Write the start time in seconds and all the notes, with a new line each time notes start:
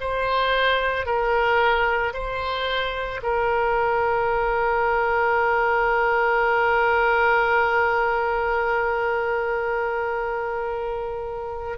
0.00 C5
1.06 A#4
2.13 C5
3.22 A#4